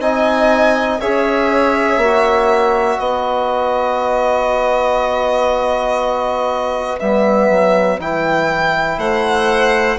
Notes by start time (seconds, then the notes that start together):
0.00 C4 D#4 D#5 G#5
1.01 C#4 G#4 C#5 E5
1.98 A#3
2.04 F#4
3.00 B3 B4 D#5
7.00 G3 B3 E5
7.50 F#3
8.00 E3 E4 G5
8.98 A3 C5 F#5